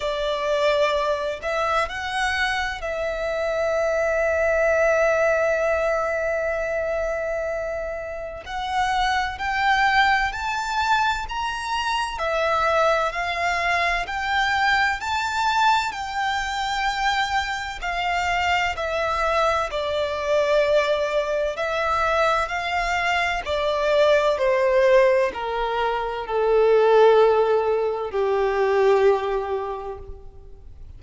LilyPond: \new Staff \with { instrumentName = "violin" } { \time 4/4 \tempo 4 = 64 d''4. e''8 fis''4 e''4~ | e''1~ | e''4 fis''4 g''4 a''4 | ais''4 e''4 f''4 g''4 |
a''4 g''2 f''4 | e''4 d''2 e''4 | f''4 d''4 c''4 ais'4 | a'2 g'2 | }